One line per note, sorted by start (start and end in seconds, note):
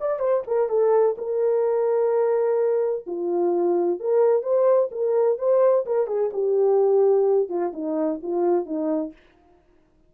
0.00 0.19 D5
0.19 0.43 C5
0.47 0.69 A#4
0.69 1.15 A4
1.18 3.05 A#4
3.06 4.00 F4
4.00 4.42 A#4
4.42 4.89 C5
4.91 5.38 A#4
5.38 5.85 C5
5.86 6.07 A#4
6.07 6.30 G#4
6.33 7.49 G4
7.49 7.72 F4
7.73 8.20 D#4
8.22 8.66 F4
8.66 9.13 D#4